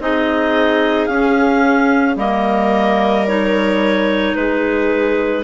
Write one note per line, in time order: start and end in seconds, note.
0.00 1.08 C4
0.00 1.10 D#4
0.00 2.19 G#4
0.00 1.06 D#5
1.06 2.16 C#4
1.06 2.17 C#4
1.06 2.15 F5
2.16 4.34 G3
2.16 3.26 A#3
2.16 4.37 A#4
2.16 3.27 D#5
3.27 5.44 D#4
3.27 4.35 C#5
4.35 5.44 G#3
4.35 5.44 G#4
4.35 5.44 B4